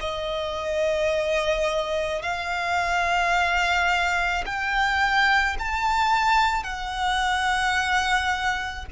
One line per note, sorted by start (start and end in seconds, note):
0.00 2.22 D#5
2.22 4.44 F5
4.45 5.57 G5
5.59 6.63 A5
6.63 8.85 F#5